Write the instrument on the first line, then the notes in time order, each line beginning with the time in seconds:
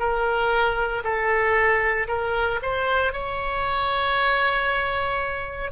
oboe
0.00 A#4
1.04 A4
2.08 A#4
2.63 C5
3.13 C#5